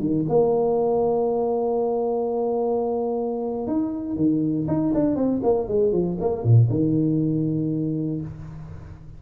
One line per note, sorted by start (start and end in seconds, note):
0.00 0.25 D#3
0.29 3.67 A#3
3.67 4.16 D#4
4.16 4.67 D#3
4.68 4.93 D#4
4.94 5.15 D4
5.15 5.41 C4
5.43 5.68 A#3
5.68 5.92 G#3
5.92 6.17 F3
6.20 6.44 A#3
6.44 6.69 A#2
6.70 8.21 D#3